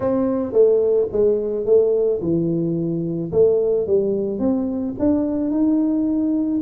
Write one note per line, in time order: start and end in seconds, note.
0.00 0.52 C4
0.52 1.07 A3
1.12 1.65 G#3
1.65 2.20 A3
2.21 3.31 E3
3.32 3.87 A3
3.87 4.39 G3
4.39 4.94 C4
4.99 5.50 D4
5.50 6.60 D#4